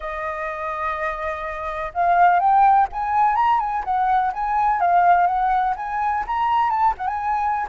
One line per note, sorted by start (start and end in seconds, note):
0.00 1.92 D#5
1.94 2.39 F5
2.39 2.87 G5
2.92 3.35 G#5
3.35 3.59 A#5
3.59 3.83 G#5
3.84 4.32 F#5
4.33 4.80 G#5
4.80 5.26 F5
5.26 5.74 F#5
5.76 6.24 G#5
6.26 6.70 A#5
6.70 6.94 A5
6.97 7.07 F#5
7.07 7.67 G#5